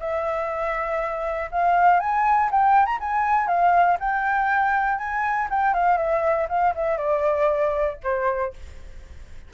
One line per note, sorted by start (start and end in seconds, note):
0.00 1.50 E5
1.52 2.00 F5
2.00 2.50 G#5
2.51 2.86 G5
2.86 2.98 A#5
3.00 3.47 G#5
3.47 3.97 F5
4.00 4.98 G5
4.98 5.48 G#5
5.50 5.74 G5
5.74 5.97 F5
5.97 6.47 E5
6.49 6.74 F5
6.75 6.97 E5
6.97 7.97 D5
8.04 8.54 C5